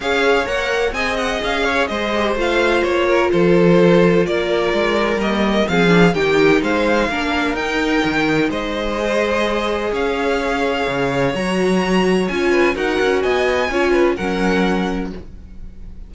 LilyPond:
<<
  \new Staff \with { instrumentName = "violin" } { \time 4/4 \tempo 4 = 127 f''4 fis''4 gis''8 fis''8 f''4 | dis''4 f''4 cis''4 c''4~ | c''4 d''2 dis''4 | f''4 g''4 f''2 |
g''2 dis''2~ | dis''4 f''2. | ais''2 gis''4 fis''4 | gis''2 fis''2 | }
  \new Staff \with { instrumentName = "violin" } { \time 4/4 cis''2 dis''4. cis''8 | c''2~ c''8 ais'8 a'4~ | a'4 ais'2. | gis'4 g'4 c''4 ais'4~ |
ais'2 c''2~ | c''4 cis''2.~ | cis''2~ cis''8 b'8 ais'4 | dis''4 cis''8 b'8 ais'2 | }
  \new Staff \with { instrumentName = "viola" } { \time 4/4 gis'4 ais'4 gis'2~ | gis'8 g'8 f'2.~ | f'2. ais4 | c'8 d'8 dis'2 d'4 |
dis'2. gis'4~ | gis'1 | fis'2 f'4 fis'4~ | fis'4 f'4 cis'2 | }
  \new Staff \with { instrumentName = "cello" } { \time 4/4 cis'4 ais4 c'4 cis'4 | gis4 a4 ais4 f4~ | f4 ais4 gis4 g4 | f4 dis4 gis4 ais4 |
dis'4 dis4 gis2~ | gis4 cis'2 cis4 | fis2 cis'4 dis'8 cis'8 | b4 cis'4 fis2 | }
>>